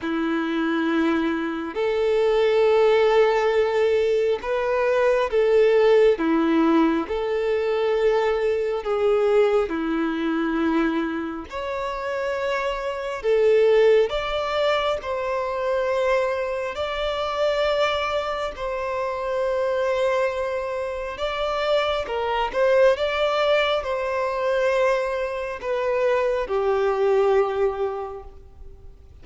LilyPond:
\new Staff \with { instrumentName = "violin" } { \time 4/4 \tempo 4 = 68 e'2 a'2~ | a'4 b'4 a'4 e'4 | a'2 gis'4 e'4~ | e'4 cis''2 a'4 |
d''4 c''2 d''4~ | d''4 c''2. | d''4 ais'8 c''8 d''4 c''4~ | c''4 b'4 g'2 | }